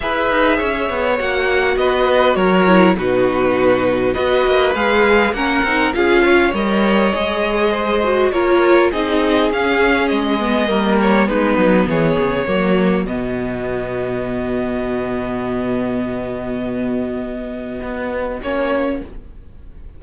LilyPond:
<<
  \new Staff \with { instrumentName = "violin" } { \time 4/4 \tempo 4 = 101 e''2 fis''4 dis''4 | cis''4 b'2 dis''4 | f''4 fis''4 f''4 dis''4~ | dis''2 cis''4 dis''4 |
f''4 dis''4. cis''8 b'4 | cis''2 dis''2~ | dis''1~ | dis''2. cis''4 | }
  \new Staff \with { instrumentName = "violin" } { \time 4/4 b'4 cis''2 b'4 | ais'4 fis'2 b'4~ | b'4 ais'4 gis'8 cis''4.~ | cis''4 c''4 ais'4 gis'4~ |
gis'2 ais'4 dis'4 | gis'4 fis'2.~ | fis'1~ | fis'1 | }
  \new Staff \with { instrumentName = "viola" } { \time 4/4 gis'2 fis'2~ | fis'8 e'8 dis'2 fis'4 | gis'4 cis'8 dis'8 f'4 ais'4 | gis'4. fis'8 f'4 dis'4 |
cis'4. b8 ais4 b4~ | b4 ais4 b2~ | b1~ | b2. cis'4 | }
  \new Staff \with { instrumentName = "cello" } { \time 4/4 e'8 dis'8 cis'8 b8 ais4 b4 | fis4 b,2 b8 ais8 | gis4 ais8 c'8 cis'4 g4 | gis2 ais4 c'4 |
cis'4 gis4 g4 gis8 fis8 | e8 cis8 fis4 b,2~ | b,1~ | b,2 b4 ais4 | }
>>